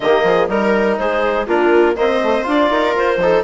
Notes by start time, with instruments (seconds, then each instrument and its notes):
0.00 bassoon D#3, trombone A#3, viola G4, clarinet D#5
0.23 bassoon F3, viola G#4
0.48 bassoon G3, trombone D#4, clarinet A#4, viola A#4
0.98 bassoon G#3, viola G#4, clarinet C5
1.46 bassoon A#3, trombone D4, viola F4, clarinet A#4
1.95 trombone A#3, bassoon C4, viola C5, clarinet D#5
2.23 trombone A3
2.43 bassoon D4, trombone F4, clarinet D5
2.70 bassoon D#4, viola A#4
2.95 bassoon F4, clarinet C5
3.17 bassoon F3, trombone D#4, viola A4